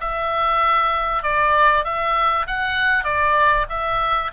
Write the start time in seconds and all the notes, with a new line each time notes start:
0.00 E5
1.23 D5
1.84 E5
2.46 F#5
3.04 D5
3.69 E5